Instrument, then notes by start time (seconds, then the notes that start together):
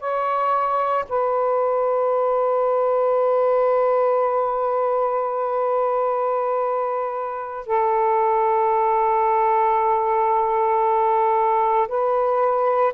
saxophone
0.00 C#5
1.09 B4
7.67 A4
11.88 B4